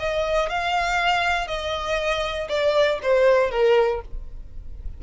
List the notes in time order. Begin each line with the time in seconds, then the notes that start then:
0.00 D#5
0.50 F5
1.47 D#5
2.49 D5
3.03 C5
3.51 A#4